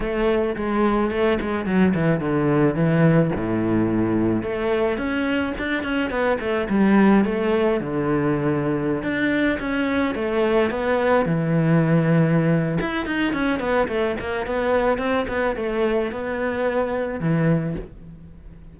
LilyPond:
\new Staff \with { instrumentName = "cello" } { \time 4/4 \tempo 4 = 108 a4 gis4 a8 gis8 fis8 e8 | d4 e4 a,2 | a4 cis'4 d'8 cis'8 b8 a8 | g4 a4 d2~ |
d16 d'4 cis'4 a4 b8.~ | b16 e2~ e8. e'8 dis'8 | cis'8 b8 a8 ais8 b4 c'8 b8 | a4 b2 e4 | }